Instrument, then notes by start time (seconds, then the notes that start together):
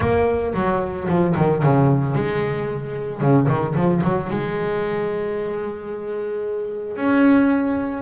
double bass
0.00 A#3
0.54 F#3
1.08 F3
1.36 D#3
1.62 C#3
2.15 G#3
3.20 C#3
3.48 D#3
3.75 F3
4.03 F#3
4.30 G#3
6.96 C#4